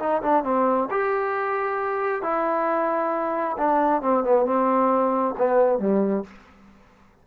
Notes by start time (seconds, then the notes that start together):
0.00 D#4
0.23 D4
0.44 C4
0.91 G4
2.23 E4
3.58 D4
4.02 C4
4.24 B3
4.46 C4
5.38 B3
5.79 G3